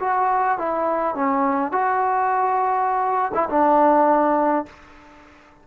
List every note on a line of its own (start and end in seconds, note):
0.00 0.58 F#4
0.59 1.15 E4
1.15 1.72 C#4
1.72 3.32 F#4
3.34 3.49 E4
3.50 4.66 D4